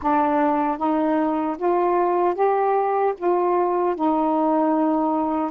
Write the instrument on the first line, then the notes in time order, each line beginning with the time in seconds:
saxophone
0.02 D4
0.77 D#4
1.57 F4
2.35 G4
3.17 F4
3.95 D#4